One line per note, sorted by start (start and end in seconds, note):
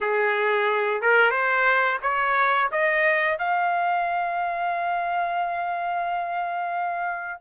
0.00 1.01 G#4
1.01 1.31 A#4
1.31 1.98 C5
2.02 2.70 C#5
2.71 3.38 D#5
3.38 7.40 F5